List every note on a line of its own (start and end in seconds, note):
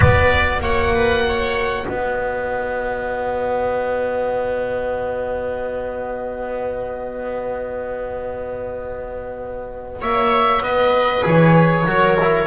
0.00 0.60 B3
0.00 11.22 F#4
0.00 0.59 B4
0.00 0.62 D5
0.60 1.85 A#3
0.60 0.93 C#5
0.60 1.87 F#5
0.94 1.25 B4
1.28 1.87 C#5
1.87 10.01 B3
1.87 10.00 B4
1.87 10.00 D#5
10.01 10.60 A#3
10.01 10.62 C#5
10.01 10.62 E5
10.60 11.23 B3
10.60 11.86 B4
10.60 11.25 D#5
11.22 11.86 E3
11.22 11.84 G#4
11.22 12.46 C#5
11.86 12.46 F#3
11.86 12.18 F#4
11.86 12.46 A#4
12.21 12.46 E4